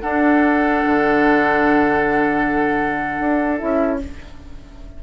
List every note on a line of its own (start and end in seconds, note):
0.00 3.58 D4
0.00 0.84 D4
0.00 4.00 A4
0.00 3.57 F#5
0.85 3.19 D3
3.19 3.60 D4
3.58 4.03 C#4
3.58 3.99 E4
3.58 3.99 E5